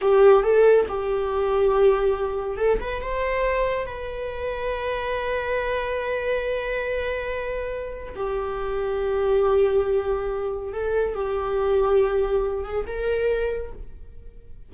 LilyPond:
\new Staff \with { instrumentName = "viola" } { \time 4/4 \tempo 4 = 140 g'4 a'4 g'2~ | g'2 a'8 b'8 c''4~ | c''4 b'2.~ | b'1~ |
b'2. g'4~ | g'1~ | g'4 a'4 g'2~ | g'4. gis'8 ais'2 | }